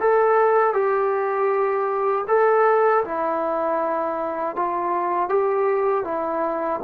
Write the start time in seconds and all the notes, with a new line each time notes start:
0.00 A4
0.73 G4
2.28 A4
3.04 E4
4.55 F4
5.29 G4
6.04 E4